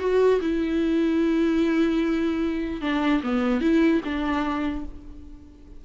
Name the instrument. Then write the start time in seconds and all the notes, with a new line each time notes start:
viola
0.00 F#4
0.41 E4
2.82 D4
3.24 B3
3.61 E4
4.05 D4